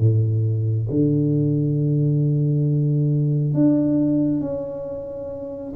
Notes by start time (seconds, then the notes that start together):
0.00 A2
0.91 D3
3.55 D4
4.41 C#4